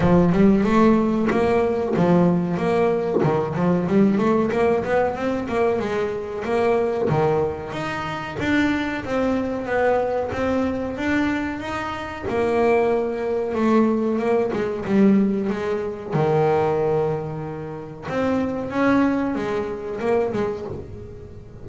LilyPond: \new Staff \with { instrumentName = "double bass" } { \time 4/4 \tempo 4 = 93 f8 g8 a4 ais4 f4 | ais4 dis8 f8 g8 a8 ais8 b8 | c'8 ais8 gis4 ais4 dis4 | dis'4 d'4 c'4 b4 |
c'4 d'4 dis'4 ais4~ | ais4 a4 ais8 gis8 g4 | gis4 dis2. | c'4 cis'4 gis4 ais8 gis8 | }